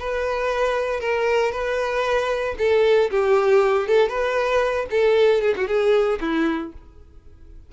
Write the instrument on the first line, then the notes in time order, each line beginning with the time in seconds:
violin
0.00 B4
1.01 A#4
1.52 B4
2.59 A4
3.11 G4
3.88 A4
4.09 B4
4.91 A4
5.42 G#4
5.57 F#4
5.68 G#4
6.21 E4